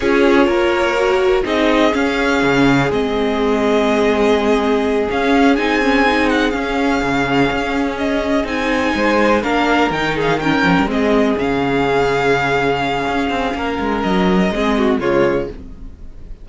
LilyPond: <<
  \new Staff \with { instrumentName = "violin" } { \time 4/4 \tempo 4 = 124 cis''2. dis''4 | f''2 dis''2~ | dis''2~ dis''8 f''4 gis''8~ | gis''4 fis''8 f''2~ f''8~ |
f''8 dis''4 gis''2 f''8~ | f''8 g''8 f''8 g''4 dis''4 f''8~ | f''1~ | f''4 dis''2 cis''4 | }
  \new Staff \with { instrumentName = "violin" } { \time 4/4 gis'4 ais'2 gis'4~ | gis'1~ | gis'1~ | gis'1~ |
gis'2~ gis'8 c''4 ais'8~ | ais'4 gis'8 ais'4 gis'4.~ | gis'1 | ais'2 gis'8 fis'8 f'4 | }
  \new Staff \with { instrumentName = "viola" } { \time 4/4 f'2 fis'4 dis'4 | cis'2 c'2~ | c'2~ c'8 cis'4 dis'8 | cis'8 dis'4 cis'2~ cis'8~ |
cis'4. dis'2 d'8~ | d'8 dis'4 cis'4 c'4 cis'8~ | cis'1~ | cis'2 c'4 gis4 | }
  \new Staff \with { instrumentName = "cello" } { \time 4/4 cis'4 ais2 c'4 | cis'4 cis4 gis2~ | gis2~ gis8 cis'4 c'8~ | c'4. cis'4 cis4 cis'8~ |
cis'4. c'4 gis4 ais8~ | ais8 dis4. f16 g16 gis4 cis8~ | cis2. cis'8 c'8 | ais8 gis8 fis4 gis4 cis4 | }
>>